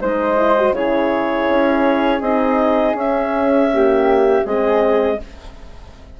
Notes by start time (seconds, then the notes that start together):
0.00 G#3 D#4 C5 D#5
0.37 E4
0.57 F#4
0.71 C#3 E4 G#4 C#5
1.48 C#4
2.21 C4 D#4 D#5
2.94 C#4 E5
3.72 A#3 G4
4.44 G#3 C4 G#4 D#5